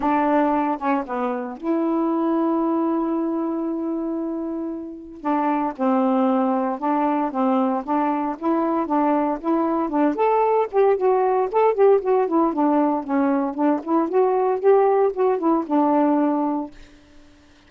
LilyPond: \new Staff \with { instrumentName = "saxophone" } { \time 4/4 \tempo 4 = 115 d'4. cis'8 b4 e'4~ | e'1~ | e'2 d'4 c'4~ | c'4 d'4 c'4 d'4 |
e'4 d'4 e'4 d'8 a'8~ | a'8 g'8 fis'4 a'8 g'8 fis'8 e'8 | d'4 cis'4 d'8 e'8 fis'4 | g'4 fis'8 e'8 d'2 | }